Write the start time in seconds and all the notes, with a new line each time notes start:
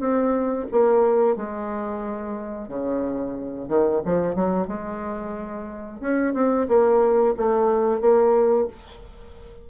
0.00 C4
0.72 A#3
1.37 G#3
2.68 C#3
3.68 D#3
4.05 F3
4.35 F#3
4.68 G#3
6.01 C#4
6.34 C4
6.68 A#3
7.37 A3
8.01 A#3